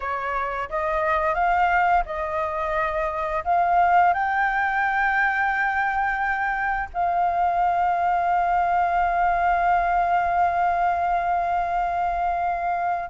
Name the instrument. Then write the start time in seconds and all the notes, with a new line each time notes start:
flute
0.00 C#5
0.69 D#5
1.34 F5
2.05 D#5
3.44 F5
4.13 G5
6.93 F5